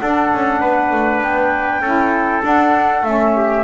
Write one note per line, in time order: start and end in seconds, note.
0.00 1.82 D4
0.00 0.32 D4
0.00 0.61 A4
0.00 1.21 F#5
0.33 0.61 C#4
0.61 0.91 B3
0.61 1.81 B4
0.91 1.21 A3
1.21 1.81 B3
1.21 2.44 G5
1.81 2.41 C#4
1.81 2.42 E4
1.81 3.33 A4
2.42 3.03 D4
2.42 3.02 D4
2.42 3.05 F#5
3.02 3.63 A3
3.02 3.64 C#4
3.02 3.64 E5
3.36 3.64 G4